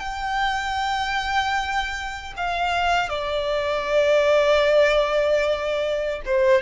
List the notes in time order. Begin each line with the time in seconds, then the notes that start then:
0.00 G5
2.37 F5
3.10 D5
6.26 C5